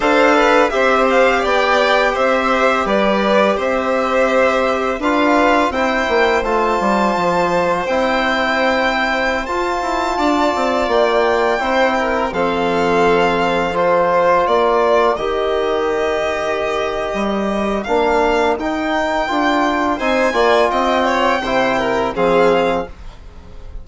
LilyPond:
<<
  \new Staff \with { instrumentName = "violin" } { \time 4/4 \tempo 4 = 84 f''4 e''8 f''8 g''4 e''4 | d''4 e''2 f''4 | g''4 a''2 g''4~ | g''4~ g''16 a''2 g''8.~ |
g''4~ g''16 f''2 c''8.~ | c''16 d''4 dis''2~ dis''8.~ | dis''4 f''4 g''2 | gis''4 g''2 f''4 | }
  \new Staff \with { instrumentName = "violin" } { \time 4/4 c''8 b'8 c''4 d''4 c''4 | b'4 c''2 b'4 | c''1~ | c''2~ c''16 d''4.~ d''16~ |
d''16 c''8 ais'8 a'2~ a'8.~ | a'16 ais'2.~ ais'8.~ | ais'1 | c''8 d''8 dis''8 cis''8 c''8 ais'8 gis'4 | }
  \new Staff \with { instrumentName = "trombone" } { \time 4/4 a'4 g'2.~ | g'2. f'4 | e'4 f'2 e'4~ | e'4~ e'16 f'2~ f'8.~ |
f'16 e'4 c'2 f'8.~ | f'4~ f'16 g'2~ g'8.~ | g'4 d'4 dis'4 f'4 | dis'8 f'4. e'4 c'4 | }
  \new Staff \with { instrumentName = "bassoon" } { \time 4/4 d'4 c'4 b4 c'4 | g4 c'2 d'4 | c'8 ais8 a8 g8 f4 c'4~ | c'4~ c'16 f'8 e'8 d'8 c'8 ais8.~ |
ais16 c'4 f2~ f8.~ | f16 ais4 dis2~ dis8. | g4 ais4 dis'4 d'4 | c'8 ais8 c'4 c4 f4 | }
>>